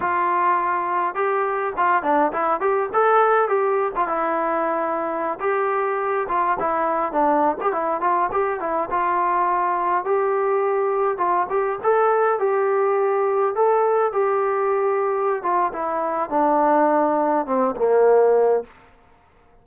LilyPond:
\new Staff \with { instrumentName = "trombone" } { \time 4/4 \tempo 4 = 103 f'2 g'4 f'8 d'8 | e'8 g'8 a'4 g'8. f'16 e'4~ | e'4~ e'16 g'4. f'8 e'8.~ | e'16 d'8. g'16 e'8 f'8 g'8 e'8 f'8.~ |
f'4~ f'16 g'2 f'8 g'16~ | g'16 a'4 g'2 a'8.~ | a'16 g'2~ g'16 f'8 e'4 | d'2 c'8 ais4. | }